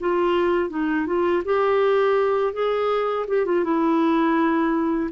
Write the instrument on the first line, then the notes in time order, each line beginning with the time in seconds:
clarinet
0.00 F4
0.70 D#4
1.06 F4
1.45 G4
2.53 G#4
3.28 G4
3.46 F4
3.64 E4